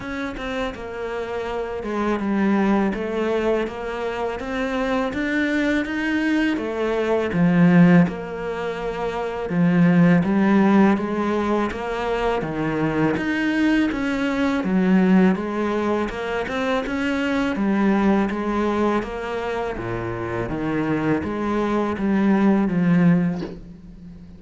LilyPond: \new Staff \with { instrumentName = "cello" } { \time 4/4 \tempo 4 = 82 cis'8 c'8 ais4. gis8 g4 | a4 ais4 c'4 d'4 | dis'4 a4 f4 ais4~ | ais4 f4 g4 gis4 |
ais4 dis4 dis'4 cis'4 | fis4 gis4 ais8 c'8 cis'4 | g4 gis4 ais4 ais,4 | dis4 gis4 g4 f4 | }